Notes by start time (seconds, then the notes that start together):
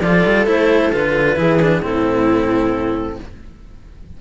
0.00 F3 F4 A4 D5
0.26 G3
0.46 A3 E4 C5
0.92 D3 F4 B4
1.36 E3 E4 G#4
1.62 D4
1.80 A2 C4 E4 A4